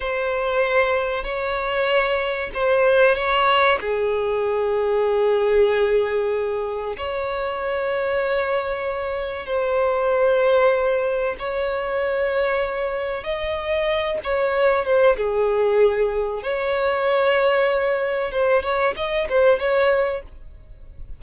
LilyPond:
\new Staff \with { instrumentName = "violin" } { \time 4/4 \tempo 4 = 95 c''2 cis''2 | c''4 cis''4 gis'2~ | gis'2. cis''4~ | cis''2. c''4~ |
c''2 cis''2~ | cis''4 dis''4. cis''4 c''8 | gis'2 cis''2~ | cis''4 c''8 cis''8 dis''8 c''8 cis''4 | }